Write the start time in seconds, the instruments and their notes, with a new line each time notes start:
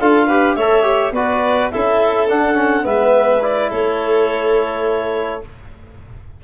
0.00 tuba D4, trombone F4, violin A4, clarinet F5
0.27 trombone G4, violin B4
0.55 tuba A3, trombone A4, violin C#5, clarinet E5
0.83 trombone G4
1.12 tuba B3, trombone F#4, violin B4, clarinet D5
1.71 tuba C#4, trombone E4, violin A4, clarinet E5
2.28 trombone D4, tuba D4, clarinet F#5
2.54 trombone C#4
2.82 tuba G#3, trombone B3, violin B4, clarinet E5
3.41 trombone E4, clarinet D5
3.70 tuba A3, violin A4, clarinet C#5